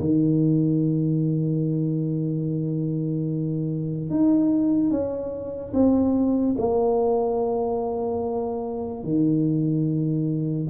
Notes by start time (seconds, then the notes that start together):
0.00 D#3
4.11 D#4
4.91 C#4
5.73 C4
6.58 A#3
9.03 D#3